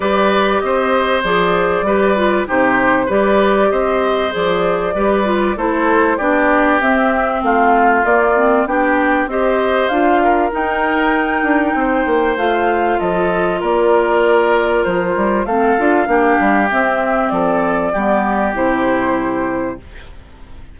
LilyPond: <<
  \new Staff \with { instrumentName = "flute" } { \time 4/4 \tempo 4 = 97 d''4 dis''4 d''2 | c''4 d''4 dis''4 d''4~ | d''4 c''4 d''4 e''4 | f''4 d''4 g''4 dis''4 |
f''4 g''2. | f''4 dis''4 d''2 | c''4 f''2 e''4 | d''2 c''2 | }
  \new Staff \with { instrumentName = "oboe" } { \time 4/4 b'4 c''2 b'4 | g'4 b'4 c''2 | b'4 a'4 g'2 | f'2 g'4 c''4~ |
c''8 ais'2~ ais'8 c''4~ | c''4 a'4 ais'2~ | ais'4 a'4 g'2 | a'4 g'2. | }
  \new Staff \with { instrumentName = "clarinet" } { \time 4/4 g'2 gis'4 g'8 f'8 | dis'4 g'2 gis'4 | g'8 f'8 e'4 d'4 c'4~ | c'4 ais8 c'8 d'4 g'4 |
f'4 dis'2. | f'1~ | f'4 c'8 f'8 d'4 c'4~ | c'4 b4 e'2 | }
  \new Staff \with { instrumentName = "bassoon" } { \time 4/4 g4 c'4 f4 g4 | c4 g4 c'4 f4 | g4 a4 b4 c'4 | a4 ais4 b4 c'4 |
d'4 dis'4. d'8 c'8 ais8 | a4 f4 ais2 | f8 g8 a8 d'8 ais8 g8 c'4 | f4 g4 c2 | }
>>